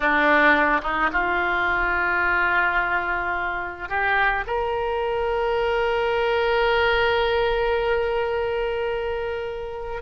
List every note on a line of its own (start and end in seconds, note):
0.00 0.81 D4
0.82 1.10 D#4
1.12 3.89 F4
3.89 4.44 G4
4.46 10.02 A#4